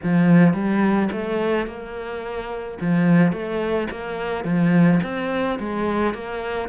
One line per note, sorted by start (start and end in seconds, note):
0.03 0.53 F3
0.53 1.09 G3
1.12 1.66 A3
1.66 2.78 A#3
2.80 3.32 F3
3.32 3.88 A3
3.90 4.44 A#3
4.44 5.00 F3
5.03 5.58 C4
5.59 6.13 G#3
6.13 6.68 A#3